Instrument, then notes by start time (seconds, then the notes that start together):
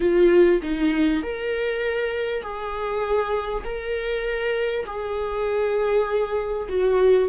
viola
0.00 F4
0.62 D#4
1.22 A#4
2.42 G#4
3.64 A#4
4.86 G#4
6.68 F#4